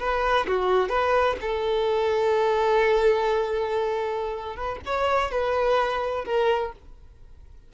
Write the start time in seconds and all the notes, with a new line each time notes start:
0.00 B4
0.48 F#4
0.89 B4
1.42 A4
4.57 B4
4.86 C#5
5.31 B4
6.26 A#4